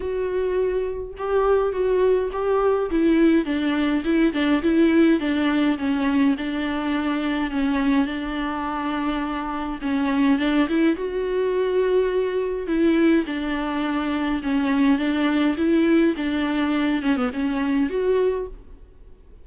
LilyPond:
\new Staff \with { instrumentName = "viola" } { \time 4/4 \tempo 4 = 104 fis'2 g'4 fis'4 | g'4 e'4 d'4 e'8 d'8 | e'4 d'4 cis'4 d'4~ | d'4 cis'4 d'2~ |
d'4 cis'4 d'8 e'8 fis'4~ | fis'2 e'4 d'4~ | d'4 cis'4 d'4 e'4 | d'4. cis'16 b16 cis'4 fis'4 | }